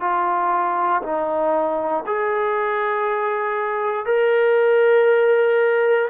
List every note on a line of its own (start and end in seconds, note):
0.00 1.02 F4
1.02 2.04 D#4
2.06 4.05 G#4
4.05 6.08 A#4